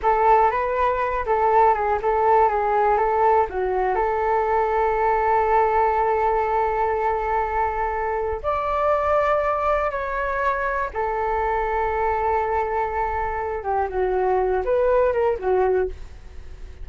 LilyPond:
\new Staff \with { instrumentName = "flute" } { \time 4/4 \tempo 4 = 121 a'4 b'4. a'4 gis'8 | a'4 gis'4 a'4 fis'4 | a'1~ | a'1~ |
a'4 d''2. | cis''2 a'2~ | a'2.~ a'8 g'8 | fis'4. b'4 ais'8 fis'4 | }